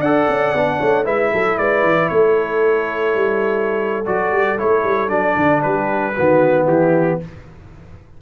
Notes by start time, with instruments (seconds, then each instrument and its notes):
0.00 tuba D4, trombone A4, horn D5, trumpet F#5
0.29 tuba C#4
0.54 tuba B3, trombone D4
0.79 tuba A3, horn C#5
1.05 tuba G#3, trombone E4, horn B4, trumpet E5
1.33 tuba F#3, horn A4
1.57 tuba G#3, horn B4, trumpet D5
1.83 tuba E3
2.08 tuba A3, horn A4, trumpet C#5
3.15 tuba G3
4.05 tuba F#3, trombone F#4, trumpet D5
4.32 tuba G3
4.58 tuba A3, trombone E4, trumpet C#5
4.84 tuba G3
5.08 tuba F#3, trombone D4, trumpet D5
5.36 tuba D3
5.62 tuba G3, horn G4, trumpet B4
6.14 tuba D#3, trombone B3, horn F#4
6.64 tuba E3, horn E4, trumpet G4